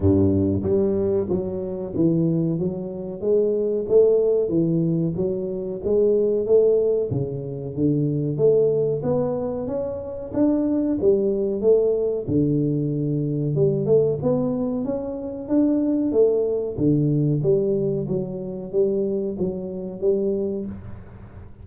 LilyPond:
\new Staff \with { instrumentName = "tuba" } { \time 4/4 \tempo 4 = 93 g,4 g4 fis4 e4 | fis4 gis4 a4 e4 | fis4 gis4 a4 cis4 | d4 a4 b4 cis'4 |
d'4 g4 a4 d4~ | d4 g8 a8 b4 cis'4 | d'4 a4 d4 g4 | fis4 g4 fis4 g4 | }